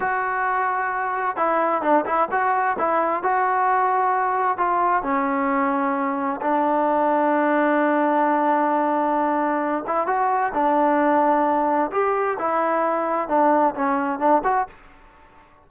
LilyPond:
\new Staff \with { instrumentName = "trombone" } { \time 4/4 \tempo 4 = 131 fis'2. e'4 | d'8 e'8 fis'4 e'4 fis'4~ | fis'2 f'4 cis'4~ | cis'2 d'2~ |
d'1~ | d'4. e'8 fis'4 d'4~ | d'2 g'4 e'4~ | e'4 d'4 cis'4 d'8 fis'8 | }